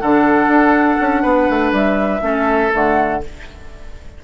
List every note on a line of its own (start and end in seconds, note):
0.00 0.48 D3
0.00 2.21 D4
0.00 1.22 A4
0.00 1.72 F#5
0.48 0.97 D4
1.00 1.24 C#4
1.22 1.48 B3
1.22 2.20 B4
1.50 1.72 A3
1.72 2.21 G3
1.72 2.72 E5
2.21 2.71 A3
2.21 2.70 C#4
2.21 3.23 A4
2.72 3.24 D3
2.72 3.21 A3
2.72 3.23 F#5